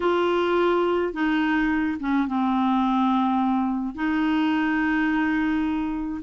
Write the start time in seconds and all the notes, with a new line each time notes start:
0.00 F4
1.13 D#4
2.00 C#4
2.27 C4
3.94 D#4